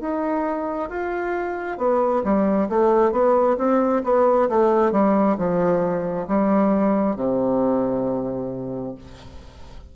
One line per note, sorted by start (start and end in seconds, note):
0.00 0.89 D#4
0.89 1.78 F4
1.78 2.23 B3
2.24 2.69 G3
2.69 3.12 A3
3.12 3.57 B3
3.58 4.03 C4
4.04 4.49 B3
4.49 4.92 A3
4.92 5.37 G3
5.38 6.27 F3
6.28 7.16 G3
7.16 8.95 C3